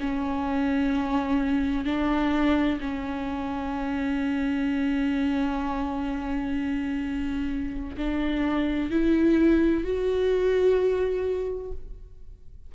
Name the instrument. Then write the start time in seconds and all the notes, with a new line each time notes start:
viola
0.00 C#4
1.85 D4
2.80 C#4
7.97 D4
8.91 E4
9.84 F#4